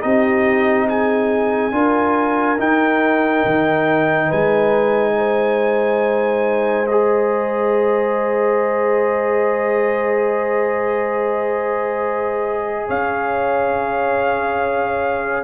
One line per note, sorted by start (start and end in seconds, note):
0.00 1.72 C4
0.00 1.71 D#4
0.00 0.87 G4
0.00 0.87 D#5
0.87 1.73 G#4
0.87 2.60 G#5
1.72 2.57 D4
1.72 2.57 F4
1.72 4.26 A#4
2.58 6.87 D#4
2.58 3.44 D#4
2.58 4.32 G5
3.45 4.31 D#3
4.26 12.89 G#3
4.26 5.12 B4
4.26 6.87 G#5
5.17 12.87 C5
6.87 15.44 G#4
6.87 12.87 D#5
12.87 15.44 C#4
12.87 15.44 C#5
12.87 15.44 F5